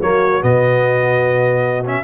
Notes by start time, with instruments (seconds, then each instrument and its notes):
0.00 tuba F#3, trombone A#3, horn F#4, trumpet C#5
0.41 tuba B2, trombone B3, trumpet D#5
1.85 trombone C#4, trumpet E5